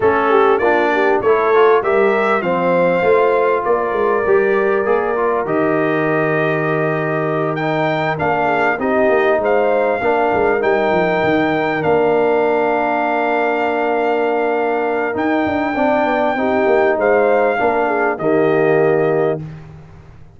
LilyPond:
<<
  \new Staff \with { instrumentName = "trumpet" } { \time 4/4 \tempo 4 = 99 a'4 d''4 cis''4 e''4 | f''2 d''2~ | d''4 dis''2.~ | dis''8 g''4 f''4 dis''4 f''8~ |
f''4. g''2 f''8~ | f''1~ | f''4 g''2. | f''2 dis''2 | }
  \new Staff \with { instrumentName = "horn" } { \time 4/4 a'8 g'8 f'8 g'8 a'4 ais'4 | c''2 ais'2~ | ais'1~ | ais'2 gis'8 g'4 c''8~ |
c''8 ais'2.~ ais'8~ | ais'1~ | ais'2 d''4 g'4 | c''4 ais'8 gis'8 g'2 | }
  \new Staff \with { instrumentName = "trombone" } { \time 4/4 cis'4 d'4 e'8 f'8 g'4 | c'4 f'2 g'4 | gis'8 f'8 g'2.~ | g'8 dis'4 d'4 dis'4.~ |
dis'8 d'4 dis'2 d'8~ | d'1~ | d'4 dis'4 d'4 dis'4~ | dis'4 d'4 ais2 | }
  \new Staff \with { instrumentName = "tuba" } { \time 4/4 a4 ais4 a4 g4 | f4 a4 ais8 gis8 g4 | ais4 dis2.~ | dis4. ais4 c'8 ais8 gis8~ |
gis8 ais8 gis8 g8 f8 dis4 ais8~ | ais1~ | ais4 dis'8 d'8 c'8 b8 c'8 ais8 | gis4 ais4 dis2 | }
>>